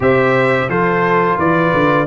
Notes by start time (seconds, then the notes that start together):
0.00 C3 G4 C5 E5
0.68 F3 F4 A4 C5
1.37 E3 B4 D5
1.73 D3